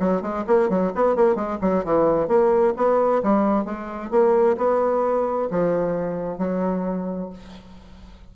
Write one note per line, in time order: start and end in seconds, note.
0.00 0.22 F#3
0.22 0.45 G#3
0.47 0.70 A#3
0.70 0.93 F#3
0.95 1.16 B3
1.16 1.36 A#3
1.36 1.58 G#3
1.62 1.85 F#3
1.85 2.28 E3
2.28 2.74 A#3
2.77 3.22 B3
3.23 3.65 G3
3.65 4.11 G#3
4.11 4.57 A#3
4.58 5.49 B3
5.51 6.38 F3
6.38 7.30 F#3